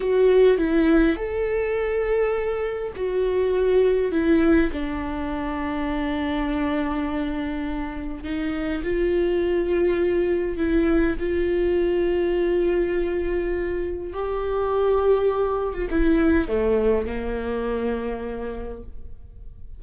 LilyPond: \new Staff \with { instrumentName = "viola" } { \time 4/4 \tempo 4 = 102 fis'4 e'4 a'2~ | a'4 fis'2 e'4 | d'1~ | d'2 dis'4 f'4~ |
f'2 e'4 f'4~ | f'1 | g'2~ g'8. f'16 e'4 | a4 ais2. | }